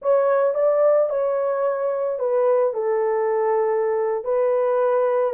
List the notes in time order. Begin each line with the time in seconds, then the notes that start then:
0.02 C#5
0.54 D5
1.09 C#5
2.19 B4
2.73 A4
4.24 B4